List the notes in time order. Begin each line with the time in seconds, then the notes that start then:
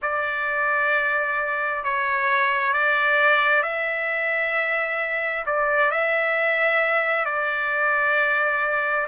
0.02 D5
1.84 C#5
2.73 D5
3.62 E5
5.45 D5
5.91 E5
7.25 D5